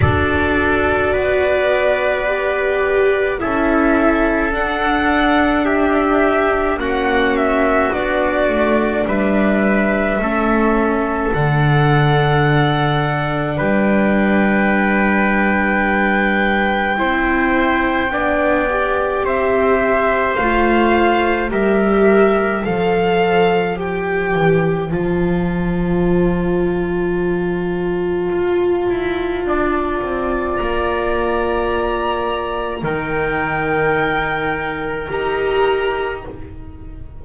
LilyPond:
<<
  \new Staff \with { instrumentName = "violin" } { \time 4/4 \tempo 4 = 53 d''2. e''4 | fis''4 e''4 fis''8 e''8 d''4 | e''2 fis''2 | g''1~ |
g''4 e''4 f''4 e''4 | f''4 g''4 a''2~ | a''2. ais''4~ | ais''4 g''2 ais''4 | }
  \new Staff \with { instrumentName = "trumpet" } { \time 4/4 a'4 b'2 a'4~ | a'4 g'4 fis'2 | b'4 a'2. | b'2. c''4 |
d''4 c''2 ais'4 | c''1~ | c''2 d''2~ | d''4 ais'2. | }
  \new Staff \with { instrumentName = "viola" } { \time 4/4 fis'2 g'4 e'4 | d'2 cis'4 d'4~ | d'4 cis'4 d'2~ | d'2. e'4 |
d'8 g'4. f'4 g'4 | a'4 g'4 f'2~ | f'1~ | f'4 dis'2 g'4 | }
  \new Staff \with { instrumentName = "double bass" } { \time 4/4 d'4 b2 cis'4 | d'2 ais4 b8 a8 | g4 a4 d2 | g2. c'4 |
b4 c'4 a4 g4 | f4. e8 f2~ | f4 f'8 e'8 d'8 c'8 ais4~ | ais4 dis2 dis'4 | }
>>